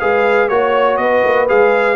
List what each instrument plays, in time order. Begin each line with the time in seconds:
0.00 tuba G#3, trombone G#4, horn B4, trumpet F5
0.49 tuba A#3, trombone F#4, trumpet C#5, horn C#5
0.97 tuba B3, horn B4, trumpet D#5
1.25 tuba A#3
1.49 tuba G#3, trombone G#4, trumpet F5